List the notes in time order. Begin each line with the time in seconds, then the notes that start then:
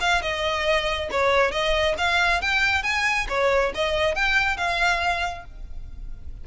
0.00 F5
0.21 D#5
1.11 C#5
1.51 D#5
1.98 F5
2.41 G5
2.83 G#5
3.28 C#5
3.74 D#5
4.15 G5
4.57 F5